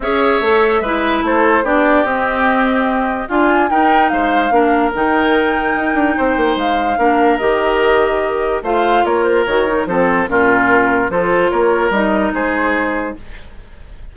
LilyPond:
<<
  \new Staff \with { instrumentName = "flute" } { \time 4/4 \tempo 4 = 146 e''2. c''4 | d''4 dis''2. | gis''4 g''4 f''2 | g''1 |
f''2 dis''2~ | dis''4 f''4 cis''8 c''8 cis''4 | c''4 ais'2 c''4 | cis''4 dis''4 c''2 | }
  \new Staff \with { instrumentName = "oboe" } { \time 4/4 cis''2 b'4 a'4 | g'1 | f'4 ais'4 c''4 ais'4~ | ais'2. c''4~ |
c''4 ais'2.~ | ais'4 c''4 ais'2 | a'4 f'2 a'4 | ais'2 gis'2 | }
  \new Staff \with { instrumentName = "clarinet" } { \time 4/4 gis'4 a'4 e'2 | d'4 c'2. | f'4 dis'2 d'4 | dis'1~ |
dis'4 d'4 g'2~ | g'4 f'2 fis'8 dis'8 | c'4 cis'2 f'4~ | f'4 dis'2. | }
  \new Staff \with { instrumentName = "bassoon" } { \time 4/4 cis'4 a4 gis4 a4 | b4 c'2. | d'4 dis'4 gis4 ais4 | dis2 dis'8 d'8 c'8 ais8 |
gis4 ais4 dis2~ | dis4 a4 ais4 dis4 | f4 ais,2 f4 | ais4 g4 gis2 | }
>>